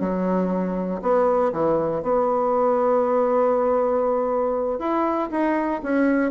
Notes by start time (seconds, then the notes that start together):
0.00 F#3
1.02 B3
1.53 E3
2.02 B3
4.79 E4
5.31 D#4
5.83 C#4